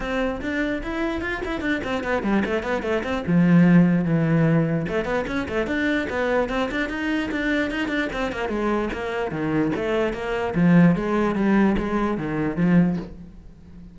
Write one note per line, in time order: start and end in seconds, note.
0.00 0.40 C4
0.41 0.81 D4
0.83 1.21 E4
1.21 1.41 F4
1.45 1.60 E4
1.60 1.81 D4
1.84 2.03 C4
2.03 2.22 B3
2.22 2.43 G3
2.45 2.62 A3
2.62 2.82 B3
2.82 3.02 A3
3.03 3.23 C4
3.26 4.04 F3
4.04 4.85 E3
4.88 5.05 A3
5.05 5.25 B3
5.27 5.47 C#4
5.48 5.66 A3
5.66 6.07 D4
6.09 6.49 B3
6.49 6.69 C4
6.71 6.89 D4
6.89 7.30 D#4
7.31 7.70 D4
7.70 7.88 D#4
7.88 8.08 D4
8.12 8.31 C4
8.31 8.48 A#3
8.48 8.89 G#3
8.93 9.31 A#3
9.31 9.71 D#3
9.75 10.13 A3
10.13 10.54 A#3
10.54 10.95 F3
10.95 11.35 G#3
11.35 11.75 G3
11.78 12.17 G#3
12.17 12.56 D#3
12.56 12.96 F3